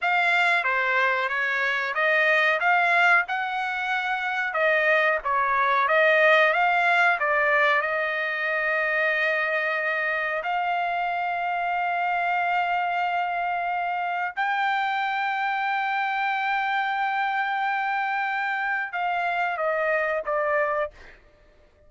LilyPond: \new Staff \with { instrumentName = "trumpet" } { \time 4/4 \tempo 4 = 92 f''4 c''4 cis''4 dis''4 | f''4 fis''2 dis''4 | cis''4 dis''4 f''4 d''4 | dis''1 |
f''1~ | f''2 g''2~ | g''1~ | g''4 f''4 dis''4 d''4 | }